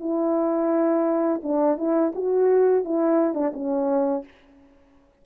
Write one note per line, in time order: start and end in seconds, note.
0.00 1.41 E4
1.43 1.77 D4
1.77 2.12 E4
2.15 2.85 F#4
2.85 3.34 E4
3.34 3.52 D4
3.54 4.24 C#4